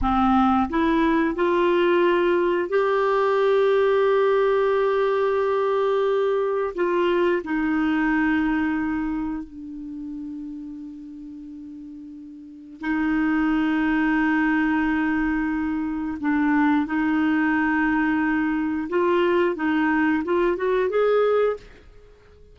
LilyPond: \new Staff \with { instrumentName = "clarinet" } { \time 4/4 \tempo 4 = 89 c'4 e'4 f'2 | g'1~ | g'2 f'4 dis'4~ | dis'2 d'2~ |
d'2. dis'4~ | dis'1 | d'4 dis'2. | f'4 dis'4 f'8 fis'8 gis'4 | }